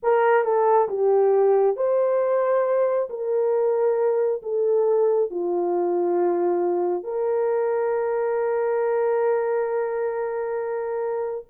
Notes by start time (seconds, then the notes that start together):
0.02 A#4
0.44 A4
0.88 G4
1.76 C5
3.09 A#4
4.42 A4
5.30 F4
7.03 A#4